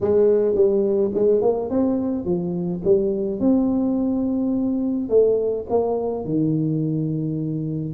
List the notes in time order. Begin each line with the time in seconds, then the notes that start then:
0.01 G#3
0.54 G3
1.14 G#3
1.41 A#3
1.70 C4
2.24 F3
2.84 G3
3.40 C4
5.09 A3
5.69 A#3
6.24 D#3